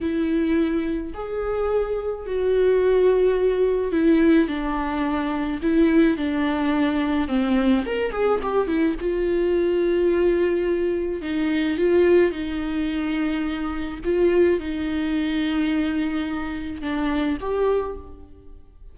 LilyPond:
\new Staff \with { instrumentName = "viola" } { \time 4/4 \tempo 4 = 107 e'2 gis'2 | fis'2. e'4 | d'2 e'4 d'4~ | d'4 c'4 ais'8 gis'8 g'8 e'8 |
f'1 | dis'4 f'4 dis'2~ | dis'4 f'4 dis'2~ | dis'2 d'4 g'4 | }